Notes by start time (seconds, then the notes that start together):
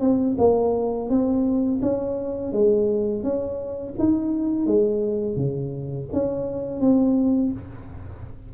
0.00 C4
0.38 A#3
1.09 C4
1.82 C#4
2.52 G#3
3.23 C#4
3.99 D#4
4.66 G#3
5.36 C#3
6.13 C#4
6.81 C4